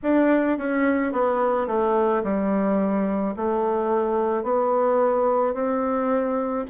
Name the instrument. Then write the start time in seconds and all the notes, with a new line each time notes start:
bassoon
0.03 D4
0.58 C#4
1.12 B3
1.67 A3
2.23 G3
3.36 A3
4.43 B3
5.54 C4